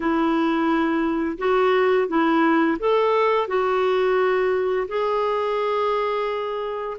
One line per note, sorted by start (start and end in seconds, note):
0.00 1.37 E4
1.38 2.07 F#4
2.07 2.77 E4
2.79 3.47 A4
3.47 4.87 F#4
4.88 6.97 G#4